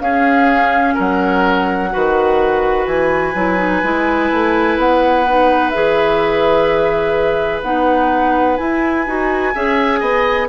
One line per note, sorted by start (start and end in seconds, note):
0.00 0.95 C#4
0.00 1.91 C#4
0.00 0.95 G#4
0.00 0.96 F5
0.95 1.94 F#3
0.95 1.90 A#4
0.95 2.87 F#5
1.91 2.87 D#3
1.91 3.34 F#4
1.91 9.55 B4
2.87 3.34 E3
2.87 4.78 G#5
3.35 3.83 F#3
3.35 3.58 E4
3.58 3.82 D#4
3.84 4.31 G#3
3.84 5.27 E4
4.31 4.78 A3
4.78 5.73 B3
4.78 5.70 F#5
5.28 5.74 D#4
5.70 7.63 E3
5.70 7.64 G#4
5.70 7.61 E5
7.63 8.58 B3
7.63 8.58 D#4
7.63 8.58 F#5
8.58 9.06 E4
8.58 9.07 E4
8.58 10.48 G#5
9.07 9.55 D#4
9.07 9.54 F#4
9.55 10.02 C#4
9.55 10.49 G#4
9.55 10.00 E5
10.00 10.49 B3
10.00 10.48 D#5